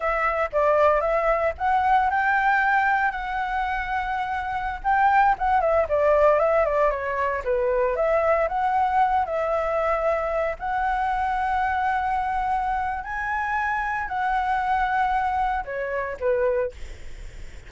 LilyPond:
\new Staff \with { instrumentName = "flute" } { \time 4/4 \tempo 4 = 115 e''4 d''4 e''4 fis''4 | g''2 fis''2~ | fis''4~ fis''16 g''4 fis''8 e''8 d''8.~ | d''16 e''8 d''8 cis''4 b'4 e''8.~ |
e''16 fis''4. e''2~ e''16~ | e''16 fis''2.~ fis''8.~ | fis''4 gis''2 fis''4~ | fis''2 cis''4 b'4 | }